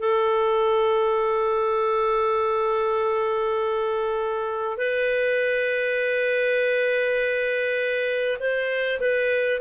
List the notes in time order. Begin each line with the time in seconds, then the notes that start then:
0.00 A4
4.77 B4
8.39 C5
9.00 B4